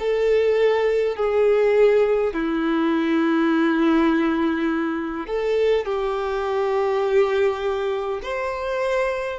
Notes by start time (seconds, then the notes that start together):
0.00 A4
1.17 G#4
2.34 E4
5.27 A4
5.86 G4
8.23 C5